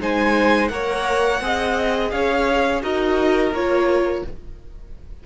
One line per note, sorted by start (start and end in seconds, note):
0.00 0.70 G#3
0.00 0.69 D#4
0.00 0.71 C5
0.00 0.68 G#5
0.68 1.41 A#3
0.68 1.40 A#4
0.68 1.43 C#5
0.68 2.09 F#5
1.41 2.12 C4
1.41 2.82 G#4
1.41 2.14 D#5
2.11 2.83 C#4
2.11 2.83 C#5
2.11 2.81 F5
2.82 3.51 D#4
2.82 3.52 F#4
2.82 4.24 A#4
2.82 3.53 D#5
3.51 4.22 A#3
3.51 4.26 F4
3.51 4.25 C#5